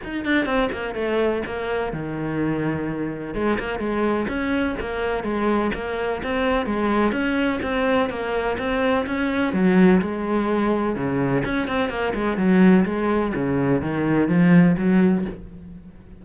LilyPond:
\new Staff \with { instrumentName = "cello" } { \time 4/4 \tempo 4 = 126 dis'8 d'8 c'8 ais8 a4 ais4 | dis2. gis8 ais8 | gis4 cis'4 ais4 gis4 | ais4 c'4 gis4 cis'4 |
c'4 ais4 c'4 cis'4 | fis4 gis2 cis4 | cis'8 c'8 ais8 gis8 fis4 gis4 | cis4 dis4 f4 fis4 | }